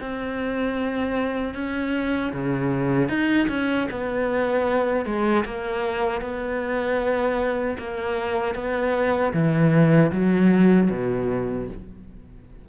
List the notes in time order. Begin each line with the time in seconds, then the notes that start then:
0.00 C4
1.54 C#4
2.33 C#3
3.09 D#4
3.49 C#4
3.91 B3
5.05 G#3
5.45 A#3
6.21 B3
7.78 A#3
8.55 B3
9.33 E3
10.12 F#3
10.90 B2